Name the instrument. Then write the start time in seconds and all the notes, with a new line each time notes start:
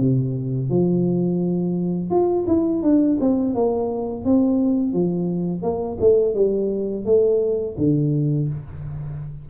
tuba
0.00 C3
0.70 F3
2.10 F4
2.47 E4
2.83 D4
3.21 C4
3.55 A#3
4.25 C4
4.93 F3
5.62 A#3
6.00 A3
6.35 G3
7.06 A3
7.78 D3